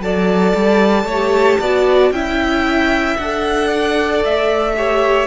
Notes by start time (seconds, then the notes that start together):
0.00 F#3 A4 D5 A5
0.55 G3
1.04 A3 C#5
1.12 G4
1.60 B3 F#4 D5
2.11 C#4 E4 E5 G5
3.17 D4 A4 F#5
3.67 D5
4.25 A3 E5
4.76 G4 C#5